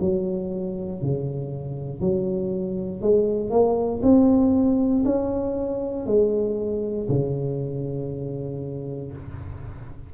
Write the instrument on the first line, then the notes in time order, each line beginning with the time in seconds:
tuba
0.00 F#3
1.02 C#3
2.00 F#3
3.01 G#3
3.50 A#3
4.02 C4
5.05 C#4
6.06 G#3
7.09 C#3